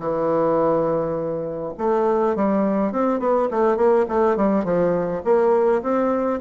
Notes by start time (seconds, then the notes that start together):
0.00 E3
1.78 A3
2.36 G3
2.92 C4
3.20 B3
3.51 A3
3.77 A#3
4.09 A3
4.37 G3
4.65 F3
5.25 A#3
5.83 C4